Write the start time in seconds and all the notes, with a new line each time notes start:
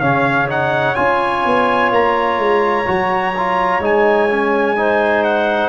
0.00 C#3 C#4 C#5 F5
0.48 D#4 F#5
0.95 C#4 F4 G#5
1.45 B3
1.91 A#3 A#5
2.39 G#3
2.86 F#3 F#4
3.38 F4
3.79 G#3 D#4 G#5
4.30 C#4
4.77 D#4 C5
5.24 F#5